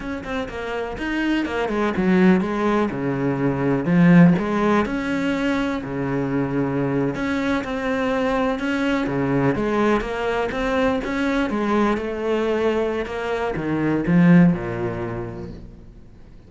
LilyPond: \new Staff \with { instrumentName = "cello" } { \time 4/4 \tempo 4 = 124 cis'8 c'8 ais4 dis'4 ais8 gis8 | fis4 gis4 cis2 | f4 gis4 cis'2 | cis2~ cis8. cis'4 c'16~ |
c'4.~ c'16 cis'4 cis4 gis16~ | gis8. ais4 c'4 cis'4 gis16~ | gis8. a2~ a16 ais4 | dis4 f4 ais,2 | }